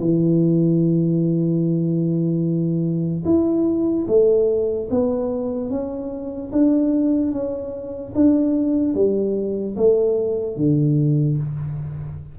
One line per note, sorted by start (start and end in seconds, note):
0.00 3.24 E3
3.25 4.06 E4
4.08 4.89 A3
4.91 5.70 B3
5.70 6.51 C#4
6.52 7.32 D4
7.32 8.13 C#4
8.15 8.95 D4
8.95 9.76 G3
9.77 10.57 A3
10.57 11.38 D3